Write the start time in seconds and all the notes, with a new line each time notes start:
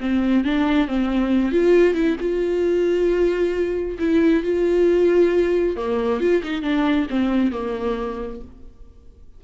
0.00 C4
0.44 D4
0.87 C4
1.51 F4
1.94 E4
2.20 F4
3.98 E4
4.43 F4
5.76 A#3
6.20 F4
6.43 D#4
6.62 D4
7.09 C4
7.51 A#3